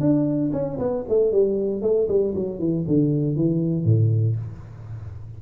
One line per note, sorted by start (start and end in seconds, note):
0.00 0.51 D4
0.52 0.78 C#4
0.78 1.04 B3
1.08 1.32 A3
1.32 1.82 G3
1.82 2.07 A3
2.08 2.34 G3
2.35 2.59 F#3
2.59 2.84 E3
2.87 3.35 D3
3.35 3.84 E3
3.84 4.36 A2